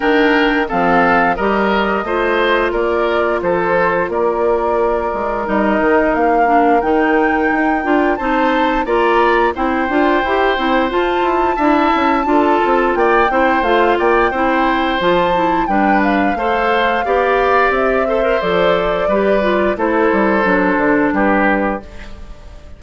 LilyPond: <<
  \new Staff \with { instrumentName = "flute" } { \time 4/4 \tempo 4 = 88 g''4 f''4 dis''2 | d''4 c''4 d''2 | dis''4 f''4 g''2 | a''4 ais''4 g''2 |
a''2. g''4 | f''8 g''4. a''4 g''8 f''8~ | f''2 e''4 d''4~ | d''4 c''2 b'4 | }
  \new Staff \with { instrumentName = "oboe" } { \time 4/4 ais'4 a'4 ais'4 c''4 | ais'4 a'4 ais'2~ | ais'1 | c''4 d''4 c''2~ |
c''4 e''4 a'4 d''8 c''8~ | c''8 d''8 c''2 b'4 | c''4 d''4. c''4. | b'4 a'2 g'4 | }
  \new Staff \with { instrumentName = "clarinet" } { \time 4/4 d'4 c'4 g'4 f'4~ | f'1 | dis'4. d'8 dis'4. f'8 | dis'4 f'4 e'8 f'8 g'8 e'8 |
f'4 e'4 f'4. e'8 | f'4 e'4 f'8 e'8 d'4 | a'4 g'4. a'16 ais'16 a'4 | g'8 f'8 e'4 d'2 | }
  \new Staff \with { instrumentName = "bassoon" } { \time 4/4 dis4 f4 g4 a4 | ais4 f4 ais4. gis8 | g8 dis8 ais4 dis4 dis'8 d'8 | c'4 ais4 c'8 d'8 e'8 c'8 |
f'8 e'8 d'8 cis'8 d'8 c'8 ais8 c'8 | a8 ais8 c'4 f4 g4 | a4 b4 c'4 f4 | g4 a8 g8 fis8 d8 g4 | }
>>